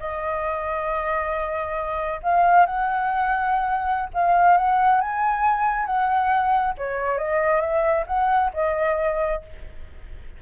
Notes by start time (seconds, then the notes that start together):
0.00 D#5
2.23 F5
2.66 F#5
4.14 F5
4.57 F#5
5.01 G#5
5.86 F#5
6.78 C#5
7.18 D#5
7.61 E5
8.07 F#5
8.54 D#5